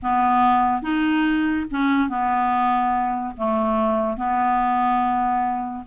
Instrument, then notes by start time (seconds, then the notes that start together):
clarinet
0.02 B3
0.82 D#4
1.71 C#4
2.08 B3
3.37 A3
4.16 B3